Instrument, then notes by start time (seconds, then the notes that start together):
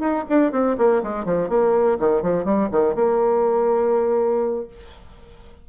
bassoon
0.00 D#4
0.29 D4
0.52 C4
0.78 A#3
1.04 G#3
1.25 F3
1.49 A#3
2.00 D#3
2.22 F3
2.45 G3
2.72 D#3
2.96 A#3